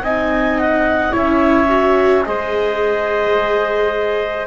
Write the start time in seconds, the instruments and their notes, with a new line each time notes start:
0.00 double bass C4, viola D#4, trumpet D#5, clarinet G#5
0.59 clarinet F#5
1.11 double bass C#4, viola E4, trumpet C#5, clarinet E5
1.69 viola F#4
2.24 double bass G#3, viola G#4, trumpet C5, clarinet D#5